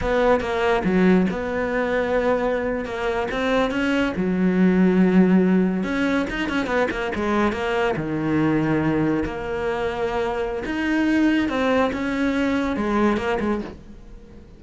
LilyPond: \new Staff \with { instrumentName = "cello" } { \time 4/4 \tempo 4 = 141 b4 ais4 fis4 b4~ | b2~ b8. ais4 c'16~ | c'8. cis'4 fis2~ fis16~ | fis4.~ fis16 cis'4 dis'8 cis'8 b16~ |
b16 ais8 gis4 ais4 dis4~ dis16~ | dis4.~ dis16 ais2~ ais16~ | ais4 dis'2 c'4 | cis'2 gis4 ais8 gis8 | }